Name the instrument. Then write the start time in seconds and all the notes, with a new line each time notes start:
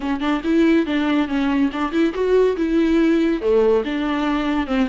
viola
0.00 C#4
0.20 D4
0.44 E4
0.85 D4
1.27 C#4
1.72 D4
1.91 E4
2.14 F#4
2.56 E4
3.41 A3
3.85 D4
4.66 C4